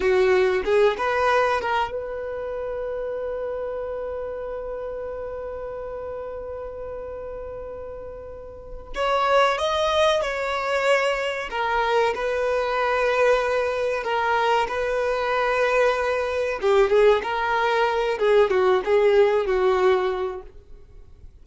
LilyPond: \new Staff \with { instrumentName = "violin" } { \time 4/4 \tempo 4 = 94 fis'4 gis'8 b'4 ais'8 b'4~ | b'1~ | b'1~ | b'2 cis''4 dis''4 |
cis''2 ais'4 b'4~ | b'2 ais'4 b'4~ | b'2 g'8 gis'8 ais'4~ | ais'8 gis'8 fis'8 gis'4 fis'4. | }